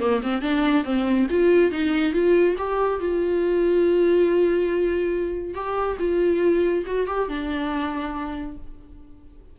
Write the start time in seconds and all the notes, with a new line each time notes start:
0.00 A#3
0.23 C4
0.42 D4
0.84 C4
1.30 F4
1.72 D#4
2.13 F4
2.58 G4
3.00 F4
5.54 G4
5.99 F4
6.86 F#4
7.07 G4
7.29 D4